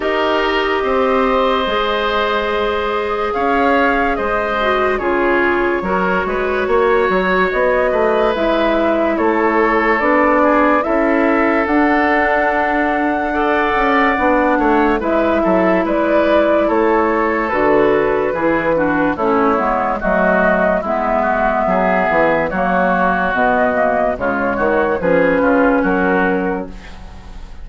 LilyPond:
<<
  \new Staff \with { instrumentName = "flute" } { \time 4/4 \tempo 4 = 72 dis''1 | f''4 dis''4 cis''2~ | cis''4 dis''4 e''4 cis''4 | d''4 e''4 fis''2~ |
fis''2 e''4 d''4 | cis''4 b'2 cis''4 | dis''4 e''2 cis''4 | dis''4 cis''4 b'4 ais'4 | }
  \new Staff \with { instrumentName = "oboe" } { \time 4/4 ais'4 c''2. | cis''4 c''4 gis'4 ais'8 b'8 | cis''4. b'4. a'4~ | a'8 gis'8 a'2. |
d''4. cis''8 b'8 a'8 b'4 | a'2 gis'8 fis'8 e'4 | fis'4 e'8 fis'8 gis'4 fis'4~ | fis'4 f'8 fis'8 gis'8 f'8 fis'4 | }
  \new Staff \with { instrumentName = "clarinet" } { \time 4/4 g'2 gis'2~ | gis'4. fis'8 f'4 fis'4~ | fis'2 e'2 | d'4 e'4 d'2 |
a'4 d'4 e'2~ | e'4 fis'4 e'8 d'8 cis'8 b8 | a4 b2 ais4 | b8 ais8 gis4 cis'2 | }
  \new Staff \with { instrumentName = "bassoon" } { \time 4/4 dis'4 c'4 gis2 | cis'4 gis4 cis4 fis8 gis8 | ais8 fis8 b8 a8 gis4 a4 | b4 cis'4 d'2~ |
d'8 cis'8 b8 a8 gis8 fis8 gis4 | a4 d4 e4 a8 gis8 | fis4 gis4 fis8 e8 fis4 | b,4 cis8 dis8 f8 cis8 fis4 | }
>>